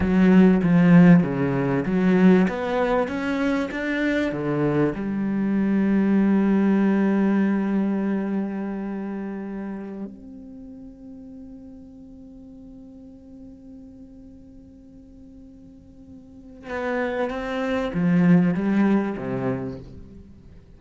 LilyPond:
\new Staff \with { instrumentName = "cello" } { \time 4/4 \tempo 4 = 97 fis4 f4 cis4 fis4 | b4 cis'4 d'4 d4 | g1~ | g1~ |
g16 c'2.~ c'8.~ | c'1~ | c'2. b4 | c'4 f4 g4 c4 | }